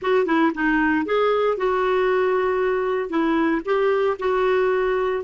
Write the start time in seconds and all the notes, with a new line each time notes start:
0.01 F#4
0.26 E4
0.54 D#4
1.05 G#4
1.57 F#4
3.09 E4
3.65 G4
4.19 F#4